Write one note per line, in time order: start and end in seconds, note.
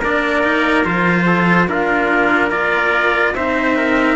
0.00 0.85 A#3
0.00 0.44 D4
0.00 1.25 A#4
0.00 0.86 D5
0.44 0.85 D#4
0.85 1.69 F3
0.85 1.69 F4
0.85 1.69 C5
1.26 1.68 A4
1.69 3.35 A#3
1.69 2.52 D4
1.69 2.49 F4
1.69 2.52 A#4
2.49 3.35 F4
2.49 3.33 A#4
2.49 3.35 D5
3.35 4.17 C4
3.35 4.17 D#4
3.35 3.77 C5
3.35 4.17 E5
3.77 4.17 A#4